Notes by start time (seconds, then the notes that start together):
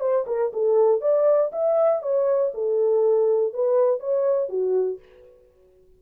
0.00 C5
0.26 A#4
0.53 A4
1.01 D5
1.52 E5
2.02 C#5
2.54 A4
3.53 B4
4.00 C#5
4.49 F#4